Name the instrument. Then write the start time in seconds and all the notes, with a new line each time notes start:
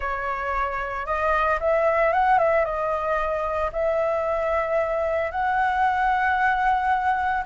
flute
0.00 C#5
1.06 D#5
1.60 E5
2.12 F#5
2.38 E5
2.64 D#5
3.72 E5
5.31 F#5